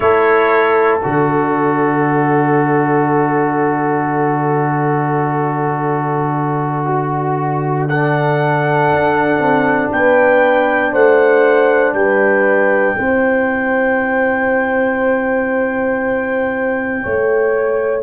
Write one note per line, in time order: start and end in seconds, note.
0.00 1.01 A3
0.00 1.01 E4
0.00 6.86 A4
0.00 0.98 C#5
0.98 8.92 D3
0.98 7.89 F#4
0.98 7.85 D5
6.86 7.87 F#4
7.88 12.97 D4
7.88 9.92 A4
7.88 9.92 F#5
8.92 9.38 D4
9.38 9.89 C4
9.92 10.92 B3
9.92 10.92 B4
9.92 10.93 G5
10.92 11.93 A3
10.92 11.93 C5
10.92 11.93 F#5
11.93 12.94 G3
11.93 12.97 B4
11.93 18.02 G5
12.97 17.04 C4
12.97 18.02 E4
12.97 17.02 C5
17.02 18.02 A3
17.02 18.02 C#5